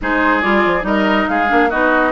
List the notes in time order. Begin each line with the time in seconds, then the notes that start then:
0.01 G#3 D#4 G#4 C5
0.41 G3 F4 D5
0.65 F3
0.81 G3 D#4 A#4 D#5
1.28 G#3 G#4 F5
1.48 A#3 D4
1.69 B3 D#4 F#4 D#5